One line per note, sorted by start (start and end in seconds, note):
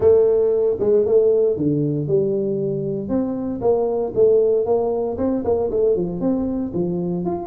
0.00 0.77 A3
0.79 1.05 G#3
1.05 1.56 A3
1.56 2.07 D3
2.07 3.08 G3
3.08 3.60 C4
3.61 4.12 A#3
4.14 4.65 A3
4.65 5.17 A#3
5.17 5.43 C4
5.44 5.70 A#3
5.71 5.95 A3
5.95 6.20 F3
6.20 6.72 C4
6.73 7.25 F3
7.25 7.47 F4